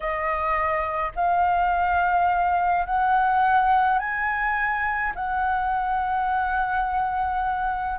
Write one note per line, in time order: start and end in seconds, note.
0.00 1.12 D#5
1.15 2.85 F5
2.85 3.98 F#5
3.98 5.13 G#5
5.15 7.98 F#5